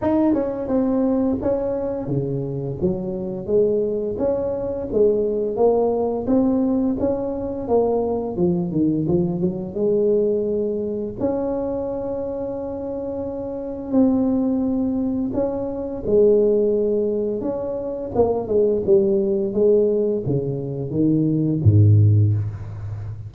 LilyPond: \new Staff \with { instrumentName = "tuba" } { \time 4/4 \tempo 4 = 86 dis'8 cis'8 c'4 cis'4 cis4 | fis4 gis4 cis'4 gis4 | ais4 c'4 cis'4 ais4 | f8 dis8 f8 fis8 gis2 |
cis'1 | c'2 cis'4 gis4~ | gis4 cis'4 ais8 gis8 g4 | gis4 cis4 dis4 gis,4 | }